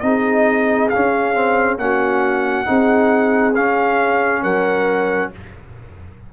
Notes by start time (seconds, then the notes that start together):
0.00 C4 D#4 G#4 D#5
0.89 C#4 F5
0.96 C#4
1.34 C4
1.78 A#3 C#4 F#4 F#5
2.65 C4 D#4 G#4
3.55 C#4 F5
4.42 F#3 A#4 F#5